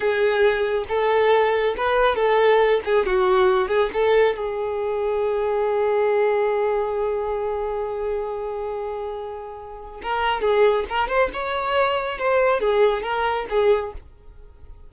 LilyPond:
\new Staff \with { instrumentName = "violin" } { \time 4/4 \tempo 4 = 138 gis'2 a'2 | b'4 a'4. gis'8 fis'4~ | fis'8 gis'8 a'4 gis'2~ | gis'1~ |
gis'1~ | gis'2. ais'4 | gis'4 ais'8 c''8 cis''2 | c''4 gis'4 ais'4 gis'4 | }